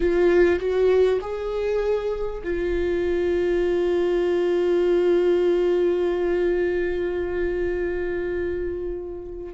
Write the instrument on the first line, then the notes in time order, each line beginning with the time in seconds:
viola
0.00 F4
0.59 F#4
1.21 G#4
2.43 F4